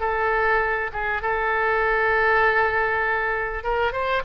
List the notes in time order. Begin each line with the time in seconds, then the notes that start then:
0.00 A4
0.93 G#4
1.22 A4
3.64 A#4
3.92 C5